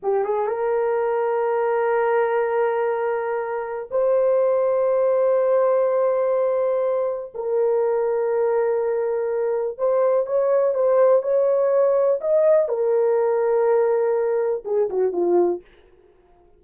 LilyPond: \new Staff \with { instrumentName = "horn" } { \time 4/4 \tempo 4 = 123 g'8 gis'8 ais'2.~ | ais'1 | c''1~ | c''2. ais'4~ |
ais'1 | c''4 cis''4 c''4 cis''4~ | cis''4 dis''4 ais'2~ | ais'2 gis'8 fis'8 f'4 | }